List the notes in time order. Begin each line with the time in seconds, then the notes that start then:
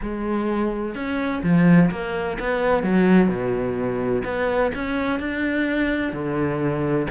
0.02 G#3
0.94 C#4
1.43 F3
1.90 A#3
2.39 B3
2.83 F#3
3.28 B2
4.24 B3
4.74 C#4
5.19 D4
6.12 D3